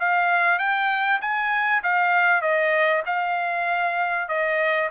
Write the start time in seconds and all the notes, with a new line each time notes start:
0.00 F5
0.59 G5
1.22 G#5
1.84 F5
2.42 D#5
3.07 F5
4.29 D#5